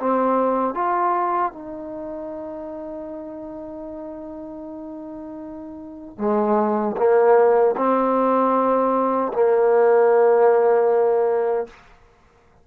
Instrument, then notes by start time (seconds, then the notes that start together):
trombone
0.00 C4
0.74 F4
1.53 D#4
6.18 G#3
6.97 A#3
7.77 C4
9.33 A#3